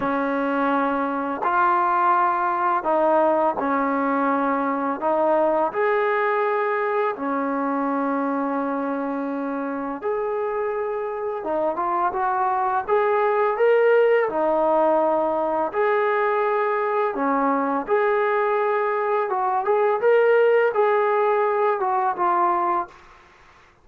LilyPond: \new Staff \with { instrumentName = "trombone" } { \time 4/4 \tempo 4 = 84 cis'2 f'2 | dis'4 cis'2 dis'4 | gis'2 cis'2~ | cis'2 gis'2 |
dis'8 f'8 fis'4 gis'4 ais'4 | dis'2 gis'2 | cis'4 gis'2 fis'8 gis'8 | ais'4 gis'4. fis'8 f'4 | }